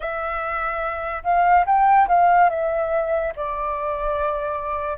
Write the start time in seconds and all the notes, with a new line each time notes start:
0.00 E5
1.23 F5
1.66 G5
2.08 F5
2.49 E5
3.35 D5